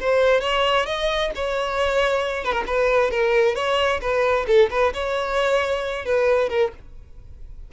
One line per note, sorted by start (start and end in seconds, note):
0.00 0.41 C5
0.41 0.86 C#5
0.86 1.31 D#5
1.36 2.45 C#5
2.45 2.52 B4
2.52 2.64 A#4
2.67 3.11 B4
3.11 3.56 A#4
3.56 4.01 C#5
4.01 4.46 B4
4.47 4.70 A4
4.71 4.93 B4
4.94 6.06 C#5
6.06 6.50 B4
6.50 6.72 A#4